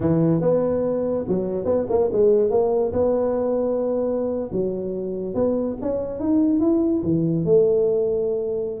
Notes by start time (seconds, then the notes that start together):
0.00 E3
0.41 B3
1.28 F#3
1.65 B3
1.89 A#3
2.12 G#3
2.50 A#3
2.92 B3
4.51 F#3
5.34 B3
5.81 C#4
6.19 D#4
6.60 E4
7.03 E3
7.44 A3